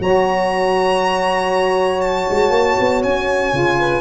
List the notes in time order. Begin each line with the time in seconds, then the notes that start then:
0.00 F#3 F#4 C#5 A#5
2.01 A5
2.30 G#3
2.50 A#3
2.80 B3
3.03 C#4 G#5
3.52 C#3 F4
3.80 B4